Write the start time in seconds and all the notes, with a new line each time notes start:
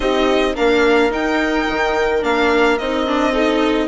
0.00 C4 D#4 G4 D#5
0.55 A#3 D4 A#4 F5
1.09 D#4 G5
1.68 D#3
2.22 A#3 D4 F5
2.78 C4 D#4 D#5
3.06 D4
3.32 D#4 A4